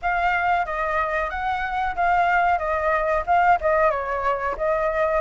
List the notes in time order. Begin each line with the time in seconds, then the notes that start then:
0.02 F5
0.65 D#5
1.30 F#5
1.95 F5
2.58 D#5
3.26 F5
3.60 D#5
3.90 C#5
4.57 D#5